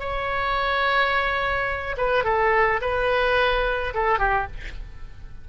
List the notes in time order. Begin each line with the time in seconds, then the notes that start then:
0.00 C#5
1.97 B4
2.25 A4
2.82 B4
3.94 A4
4.19 G4